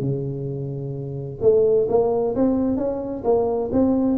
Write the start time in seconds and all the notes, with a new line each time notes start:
0.00 C#3
1.41 A3
1.89 A#3
2.36 C4
2.77 C#4
3.24 A#3
3.72 C4